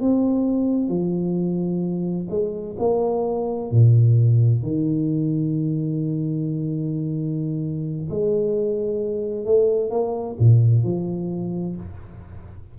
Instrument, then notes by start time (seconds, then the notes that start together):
tuba
0.00 C4
0.89 F3
2.30 G#3
2.78 A#3
3.71 A#2
4.62 D#3
8.09 G#3
9.44 A3
9.90 A#3
10.38 A#2
10.83 F3